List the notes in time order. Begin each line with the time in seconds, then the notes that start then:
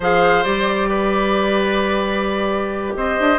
0.00 F3 G#4 C5 F5
0.43 G3 G4 D5
0.89 B4
2.95 C4 C5 D#5
3.19 D4